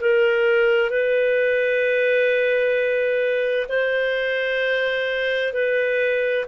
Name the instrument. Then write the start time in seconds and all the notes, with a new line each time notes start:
clarinet
0.00 A#4
0.90 B4
3.68 C5
5.53 B4